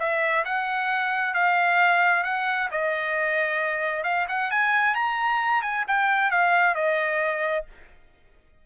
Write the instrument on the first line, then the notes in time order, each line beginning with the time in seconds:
trumpet
0.00 E5
0.45 F#5
1.35 F5
2.24 F#5
2.71 D#5
4.04 F5
4.29 F#5
4.51 G#5
4.95 A#5
5.63 G#5
5.88 G5
6.31 F5
6.75 D#5